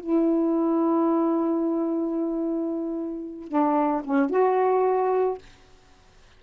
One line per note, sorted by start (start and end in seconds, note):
0.00 3.48 E4
3.48 4.02 D4
4.04 4.30 C#4
4.30 5.38 F#4